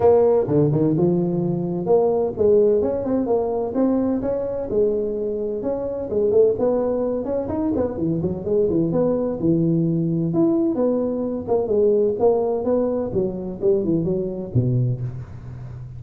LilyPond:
\new Staff \with { instrumentName = "tuba" } { \time 4/4 \tempo 4 = 128 ais4 d8 dis8 f2 | ais4 gis4 cis'8 c'8 ais4 | c'4 cis'4 gis2 | cis'4 gis8 a8 b4. cis'8 |
dis'8 b8 e8 fis8 gis8 e8 b4 | e2 e'4 b4~ | b8 ais8 gis4 ais4 b4 | fis4 g8 e8 fis4 b,4 | }